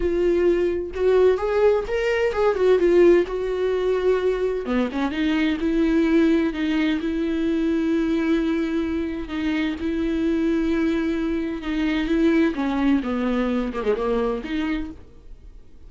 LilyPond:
\new Staff \with { instrumentName = "viola" } { \time 4/4 \tempo 4 = 129 f'2 fis'4 gis'4 | ais'4 gis'8 fis'8 f'4 fis'4~ | fis'2 b8 cis'8 dis'4 | e'2 dis'4 e'4~ |
e'1 | dis'4 e'2.~ | e'4 dis'4 e'4 cis'4 | b4. ais16 gis16 ais4 dis'4 | }